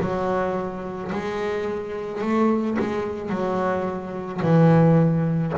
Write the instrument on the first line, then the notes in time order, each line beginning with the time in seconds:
double bass
0.00 F#3
1.12 G#3
2.22 A3
2.79 G#3
3.30 F#3
4.42 E3